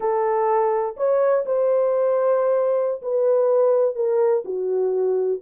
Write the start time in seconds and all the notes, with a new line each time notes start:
0.00 A4
0.96 C#5
1.45 C5
3.02 B4
3.95 A#4
4.44 F#4